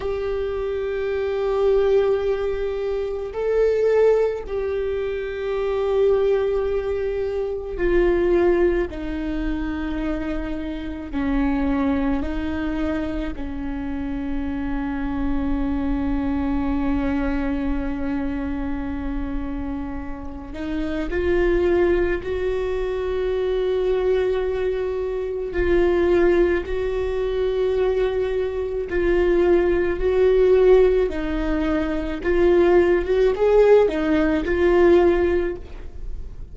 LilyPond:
\new Staff \with { instrumentName = "viola" } { \time 4/4 \tempo 4 = 54 g'2. a'4 | g'2. f'4 | dis'2 cis'4 dis'4 | cis'1~ |
cis'2~ cis'8 dis'8 f'4 | fis'2. f'4 | fis'2 f'4 fis'4 | dis'4 f'8. fis'16 gis'8 dis'8 f'4 | }